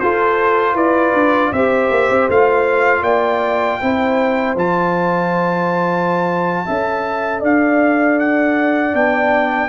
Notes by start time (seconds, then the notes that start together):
0.00 F4 A4 C5
0.75 E4 B4 D5
1.14 D4
1.52 C4 G4 C5 E5
1.91 A#3
2.10 C4
2.29 A3 F4 F5
3.02 A#3 D5 G5
3.81 C4 E4 C5
4.56 F3 F4 A5
6.66 C#4 A4 E5
7.40 D4 D5 F5
8.19 F#5
8.93 B3 D4 G5